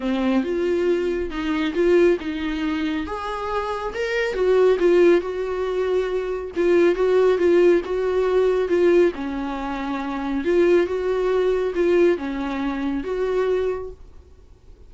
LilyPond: \new Staff \with { instrumentName = "viola" } { \time 4/4 \tempo 4 = 138 c'4 f'2 dis'4 | f'4 dis'2 gis'4~ | gis'4 ais'4 fis'4 f'4 | fis'2. f'4 |
fis'4 f'4 fis'2 | f'4 cis'2. | f'4 fis'2 f'4 | cis'2 fis'2 | }